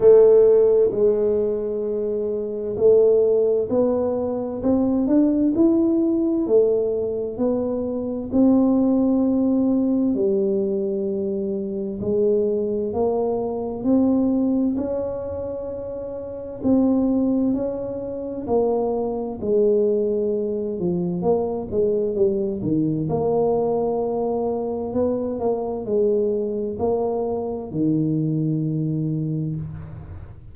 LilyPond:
\new Staff \with { instrumentName = "tuba" } { \time 4/4 \tempo 4 = 65 a4 gis2 a4 | b4 c'8 d'8 e'4 a4 | b4 c'2 g4~ | g4 gis4 ais4 c'4 |
cis'2 c'4 cis'4 | ais4 gis4. f8 ais8 gis8 | g8 dis8 ais2 b8 ais8 | gis4 ais4 dis2 | }